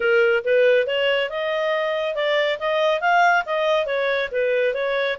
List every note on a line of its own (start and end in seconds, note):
0.00 0.43 A#4
0.44 0.87 B4
0.87 1.29 C#5
1.29 2.15 D#5
2.15 2.58 D5
2.59 3.00 D#5
3.00 3.43 F5
3.45 3.86 D#5
3.86 4.29 C#5
4.31 4.74 B4
4.74 5.17 C#5